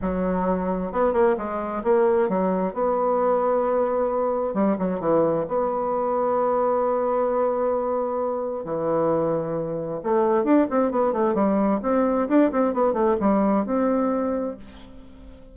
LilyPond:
\new Staff \with { instrumentName = "bassoon" } { \time 4/4 \tempo 4 = 132 fis2 b8 ais8 gis4 | ais4 fis4 b2~ | b2 g8 fis8 e4 | b1~ |
b2. e4~ | e2 a4 d'8 c'8 | b8 a8 g4 c'4 d'8 c'8 | b8 a8 g4 c'2 | }